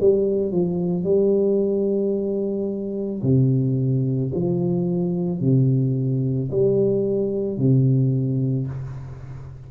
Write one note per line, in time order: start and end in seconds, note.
0.00 0.52 G3
0.52 1.04 F3
1.04 3.22 G3
3.22 4.31 C3
4.34 5.40 F3
5.40 6.50 C3
6.51 7.58 G3
7.58 8.67 C3